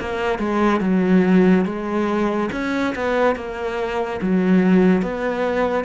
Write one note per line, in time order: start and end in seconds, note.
0.00 0.39 A#3
0.39 0.81 G#3
0.81 1.65 F#3
1.65 2.50 G#3
2.52 2.95 C#4
2.95 3.35 B3
3.35 4.20 A#3
4.22 5.02 F#3
5.02 5.85 B3